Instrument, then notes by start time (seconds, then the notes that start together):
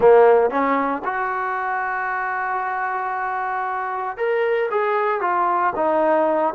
trombone
0.00 A#3
0.50 C#4
1.04 F#4
4.17 A#4
4.71 G#4
5.21 F4
5.75 D#4